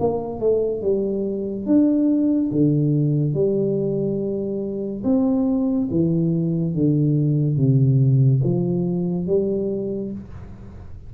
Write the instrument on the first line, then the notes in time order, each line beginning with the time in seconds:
tuba
0.00 A#3
0.40 A3
0.82 G3
1.66 D4
2.51 D3
3.34 G3
5.04 C4
5.91 E3
6.75 D3
7.57 C3
8.44 F3
9.27 G3